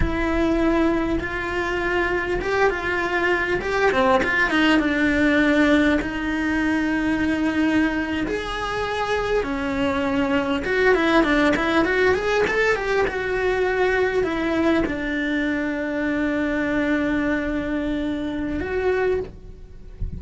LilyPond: \new Staff \with { instrumentName = "cello" } { \time 4/4 \tempo 4 = 100 e'2 f'2 | g'8 f'4. g'8 c'8 f'8 dis'8 | d'2 dis'2~ | dis'4.~ dis'16 gis'2 cis'16~ |
cis'4.~ cis'16 fis'8 e'8 d'8 e'8 fis'16~ | fis'16 gis'8 a'8 g'8 fis'2 e'16~ | e'8. d'2.~ d'16~ | d'2. fis'4 | }